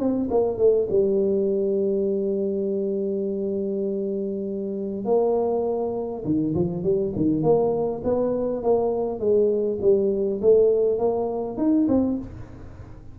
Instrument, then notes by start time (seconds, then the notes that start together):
tuba
0.00 C4
0.31 A#3
0.58 A3
0.90 G3
5.05 A#3
6.25 D#3
6.55 F3
6.84 G3
7.16 D#3
7.43 A#3
8.04 B3
8.64 A#3
9.20 G#3
9.82 G3
10.42 A3
10.99 A#3
11.58 D#4
11.89 C4